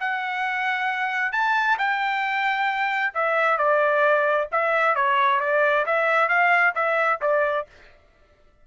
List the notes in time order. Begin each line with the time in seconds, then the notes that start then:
0.00 F#5
1.32 A5
1.78 G5
3.14 E5
3.58 D5
4.52 E5
4.96 C#5
5.41 D5
5.86 E5
6.29 F5
6.75 E5
7.22 D5